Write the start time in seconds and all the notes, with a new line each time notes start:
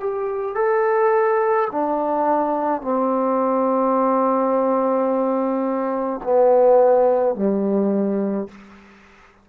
0.00 G4
0.55 A4
1.71 D4
2.81 C4
6.24 B3
7.35 G3